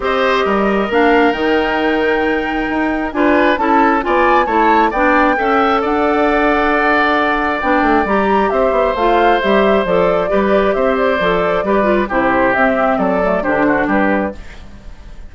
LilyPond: <<
  \new Staff \with { instrumentName = "flute" } { \time 4/4 \tempo 4 = 134 dis''2 f''4 g''4~ | g''2. gis''4 | a''4 gis''4 a''4 g''4~ | g''4 fis''2.~ |
fis''4 g''4 ais''4 e''4 | f''4 e''4 d''2 | e''8 d''2~ d''8 c''4 | e''4 d''4 c''4 b'4 | }
  \new Staff \with { instrumentName = "oboe" } { \time 4/4 c''4 ais'2.~ | ais'2. b'4 | a'4 d''4 cis''4 d''4 | e''4 d''2.~ |
d''2. c''4~ | c''2. b'4 | c''2 b'4 g'4~ | g'4 a'4 g'8 fis'8 g'4 | }
  \new Staff \with { instrumentName = "clarinet" } { \time 4/4 g'2 d'4 dis'4~ | dis'2. f'4 | e'4 f'4 e'4 d'4 | a'1~ |
a'4 d'4 g'2 | f'4 g'4 a'4 g'4~ | g'4 a'4 g'8 f'8 e'4 | c'4. a8 d'2 | }
  \new Staff \with { instrumentName = "bassoon" } { \time 4/4 c'4 g4 ais4 dis4~ | dis2 dis'4 d'4 | cis'4 b4 a4 b4 | cis'4 d'2.~ |
d'4 b8 a8 g4 c'8 b8 | a4 g4 f4 g4 | c'4 f4 g4 c4 | c'4 fis4 d4 g4 | }
>>